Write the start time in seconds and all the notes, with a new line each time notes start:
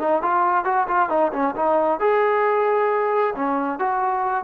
0.00 D#4
0.22 F4
0.65 F#4
0.88 F4
1.09 D#4
1.33 C#4
1.56 D#4
2.00 G#4
3.35 C#4
3.79 F#4